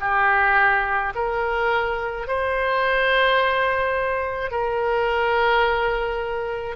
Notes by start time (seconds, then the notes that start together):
0.00 G4
1.15 A#4
2.27 C5
4.51 A#4